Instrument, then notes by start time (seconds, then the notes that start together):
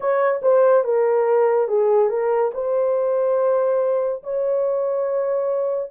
horn
0.00 C#5
0.42 C5
0.83 A#4
1.67 G#4
2.09 A#4
2.54 C5
4.23 C#5